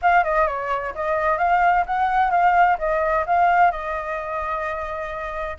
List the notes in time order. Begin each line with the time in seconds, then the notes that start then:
0.01 F5
0.24 D#5
0.47 C#5
0.94 D#5
1.38 F5
1.86 F#5
2.30 F5
2.78 D#5
3.26 F5
3.71 D#5